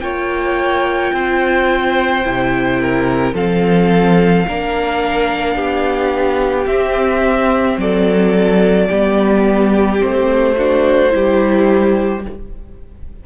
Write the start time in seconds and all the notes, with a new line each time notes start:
0.00 A#3 F4 C#5 G5
1.12 C4 C5
2.24 C3 E4
2.80 A#4
3.33 F3 C4 A4 F5
4.47 A#3 D4 A#4
5.55 B3 G4
6.66 C4 E5
7.77 F#3 A4 D5
8.88 G3 B3 G4
9.99 A3 C4 C5
10.56 D4 F#4
11.09 G3 E4 G4